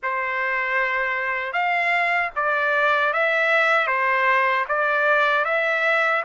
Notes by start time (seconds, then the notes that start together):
0.02 C5
1.52 F5
2.35 D5
3.13 E5
3.87 C5
4.68 D5
5.44 E5